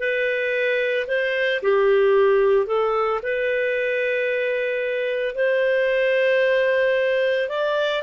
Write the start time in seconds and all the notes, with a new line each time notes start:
0.00 B4
1.08 C5
1.63 G4
2.67 A4
3.23 B4
5.35 C5
7.50 D5